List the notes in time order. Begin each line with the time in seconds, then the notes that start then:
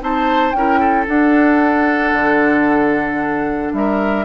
0.00 C4 D#4 C5 A5
0.52 C#4 E4 A#4 G5
0.80 A4
1.07 D4 F#5
2.13 D3
3.73 G3 A#4 E5